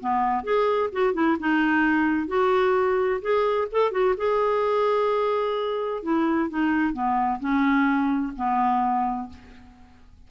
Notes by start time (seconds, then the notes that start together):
0.00 B3
0.44 G#4
0.93 F#4
1.14 E4
1.40 D#4
2.28 F#4
3.22 G#4
3.72 A4
3.92 F#4
4.17 G#4
6.03 E4
6.50 D#4
6.93 B3
7.40 C#4
8.37 B3